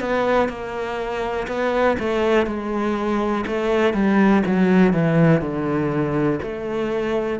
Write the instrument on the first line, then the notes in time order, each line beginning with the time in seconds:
cello
0.00 B3
0.49 A#3
1.48 B3
1.99 A3
2.46 G#3
3.46 A3
3.93 G3
4.46 F#3
4.93 E3
5.41 D3
6.42 A3